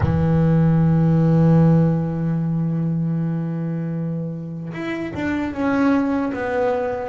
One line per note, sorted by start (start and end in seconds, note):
0.00 4.72 E3
4.73 5.12 E4
5.14 5.53 D4
5.53 6.32 C#4
6.33 7.09 B3